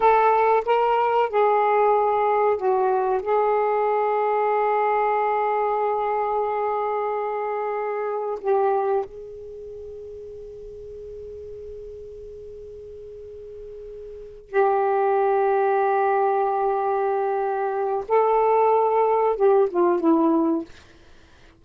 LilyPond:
\new Staff \with { instrumentName = "saxophone" } { \time 4/4 \tempo 4 = 93 a'4 ais'4 gis'2 | fis'4 gis'2.~ | gis'1~ | gis'4 g'4 gis'2~ |
gis'1~ | gis'2~ gis'8 g'4.~ | g'1 | a'2 g'8 f'8 e'4 | }